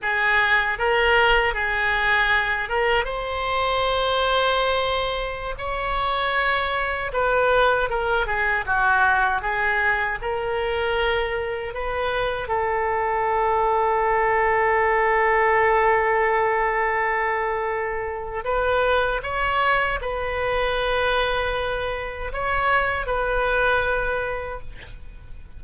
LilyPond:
\new Staff \with { instrumentName = "oboe" } { \time 4/4 \tempo 4 = 78 gis'4 ais'4 gis'4. ais'8 | c''2.~ c''16 cis''8.~ | cis''4~ cis''16 b'4 ais'8 gis'8 fis'8.~ | fis'16 gis'4 ais'2 b'8.~ |
b'16 a'2.~ a'8.~ | a'1 | b'4 cis''4 b'2~ | b'4 cis''4 b'2 | }